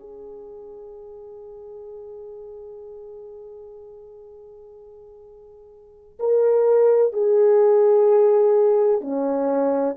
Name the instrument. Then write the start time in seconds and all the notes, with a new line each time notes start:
horn
0.00 G#4
6.20 A#4
7.13 G#4
9.01 C#4